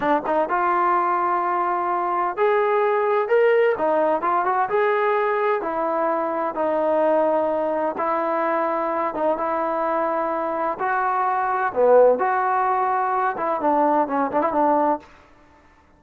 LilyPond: \new Staff \with { instrumentName = "trombone" } { \time 4/4 \tempo 4 = 128 d'8 dis'8 f'2.~ | f'4 gis'2 ais'4 | dis'4 f'8 fis'8 gis'2 | e'2 dis'2~ |
dis'4 e'2~ e'8 dis'8 | e'2. fis'4~ | fis'4 b4 fis'2~ | fis'8 e'8 d'4 cis'8 d'16 e'16 d'4 | }